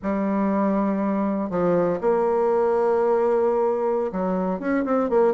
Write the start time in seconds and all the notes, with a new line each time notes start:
0.02 G3
1.50 F3
2.01 A#3
4.12 F#3
4.59 C#4
4.84 C4
5.09 A#3